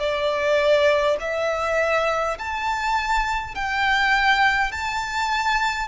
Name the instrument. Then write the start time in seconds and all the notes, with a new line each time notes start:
violin
0.00 D5
1.21 E5
2.39 A5
3.56 G5
4.72 A5